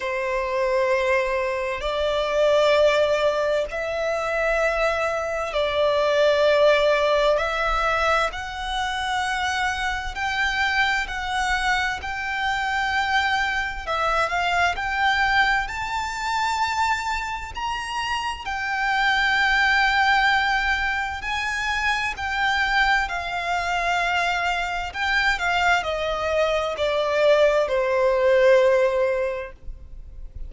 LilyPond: \new Staff \with { instrumentName = "violin" } { \time 4/4 \tempo 4 = 65 c''2 d''2 | e''2 d''2 | e''4 fis''2 g''4 | fis''4 g''2 e''8 f''8 |
g''4 a''2 ais''4 | g''2. gis''4 | g''4 f''2 g''8 f''8 | dis''4 d''4 c''2 | }